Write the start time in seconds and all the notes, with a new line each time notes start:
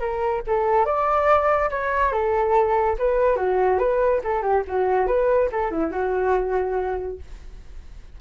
0.00 A#4
0.47 A4
0.86 D5
1.71 C#5
2.12 A4
2.99 B4
3.36 F#4
3.79 B4
4.24 A4
4.42 G4
4.67 F#4
5.07 B4
5.52 A4
5.71 E4
5.91 F#4